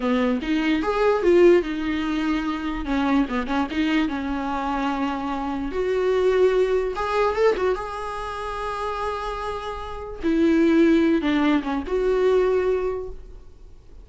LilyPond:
\new Staff \with { instrumentName = "viola" } { \time 4/4 \tempo 4 = 147 b4 dis'4 gis'4 f'4 | dis'2. cis'4 | b8 cis'8 dis'4 cis'2~ | cis'2 fis'2~ |
fis'4 gis'4 a'8 fis'8 gis'4~ | gis'1~ | gis'4 e'2~ e'8 d'8~ | d'8 cis'8 fis'2. | }